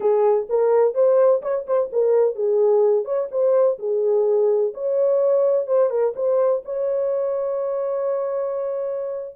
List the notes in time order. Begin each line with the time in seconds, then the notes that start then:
0.00 G#4
0.49 A#4
0.94 C5
1.42 C#5
1.67 C5
1.92 A#4
2.35 G#4
3.04 C#5
3.31 C5
3.78 G#4
4.74 C#5
5.66 C5
5.90 A#4
6.15 C5
6.64 C#5